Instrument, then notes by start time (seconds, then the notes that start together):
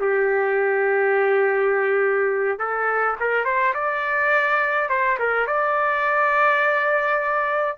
trumpet
0.00 G4
2.59 A4
3.20 A#4
3.45 C5
3.74 D5
4.89 C5
5.19 A#4
5.47 D5